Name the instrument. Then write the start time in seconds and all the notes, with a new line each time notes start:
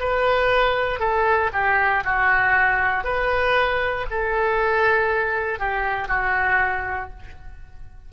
oboe
0.00 B4
1.00 A4
1.53 G4
2.05 F#4
3.04 B4
4.10 A4
5.59 G4
6.08 F#4